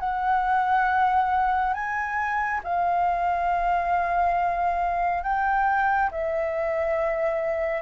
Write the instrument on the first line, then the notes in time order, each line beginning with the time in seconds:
flute
0.00 F#5
1.74 G#5
2.64 F5
5.24 G5
6.12 E5